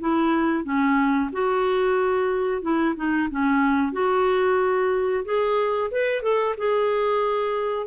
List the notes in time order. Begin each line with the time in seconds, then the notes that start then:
0.00 E4
0.64 C#4
1.32 F#4
2.62 E4
2.96 D#4
3.31 C#4
3.93 F#4
5.25 G#4
5.91 B4
6.22 A4
6.58 G#4